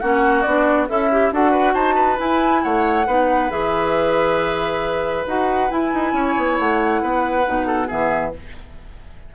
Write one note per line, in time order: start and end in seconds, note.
0.00 0.45 A#3
0.00 0.45 C#4
0.00 0.88 F#4
0.00 0.42 F#5
0.42 0.89 B3
0.42 0.88 D4
0.42 0.86 D5
0.88 1.32 C#4
0.88 1.33 E4
0.88 1.10 A4
0.88 1.32 E5
1.11 1.32 G4
1.32 1.74 D4
1.32 2.17 F#4
1.32 1.51 A4
1.32 1.74 F#5
1.51 1.73 B4
1.74 2.18 D#4
1.74 1.95 C5
1.74 2.18 A5
1.95 2.60 B4
2.17 3.04 E4
2.17 2.63 E4
2.17 2.63 G#5
2.63 3.07 A3
2.63 3.06 C#5
2.63 3.50 F#5
3.06 3.50 B3
3.06 3.50 D#4
3.06 6.13 B4
3.50 5.26 E3
3.50 5.25 G#4
3.50 5.25 E5
5.26 5.70 D#4
5.26 5.69 F#4
5.26 5.70 F#5
5.69 7.45 E4
5.69 5.93 E4
5.69 6.58 G#5
5.93 6.12 D#4
6.12 6.34 C#4
6.12 7.02 C#5
6.37 6.59 B3
6.59 7.02 A3
6.59 7.89 F#5
7.02 7.46 B3
7.02 7.66 B4
7.45 7.91 B2
7.45 7.87 D#4
7.66 7.87 A4
7.87 8.34 E3
7.87 8.31 B3
7.87 8.31 G#4
7.87 8.33 E5